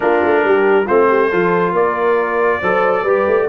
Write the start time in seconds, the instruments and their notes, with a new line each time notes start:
0.00 tuba A#3, trombone D4, horn F4, trumpet A#4
0.24 tuba A3
0.44 tuba G3, horn G4
0.85 tuba A3, trombone C4, horn F4, trumpet C5
1.09 horn G4
1.29 tuba F3, trombone F4, horn A4
1.72 tuba A#3, horn A#4, trumpet D5
2.60 tuba F#3, trombone A4, horn C5
3.02 tuba G3, trombone G4, horn B4
3.27 tuba A3